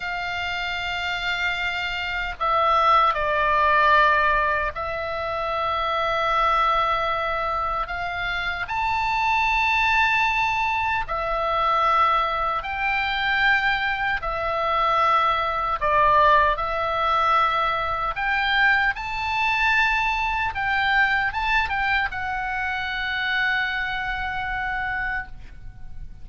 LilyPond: \new Staff \with { instrumentName = "oboe" } { \time 4/4 \tempo 4 = 76 f''2. e''4 | d''2 e''2~ | e''2 f''4 a''4~ | a''2 e''2 |
g''2 e''2 | d''4 e''2 g''4 | a''2 g''4 a''8 g''8 | fis''1 | }